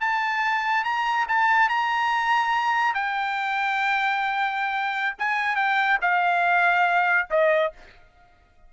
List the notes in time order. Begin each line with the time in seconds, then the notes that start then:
0.00 A5
0.84 A#5
1.28 A5
1.69 A#5
2.94 G5
5.18 G#5
5.56 G5
6.01 F5
7.30 D#5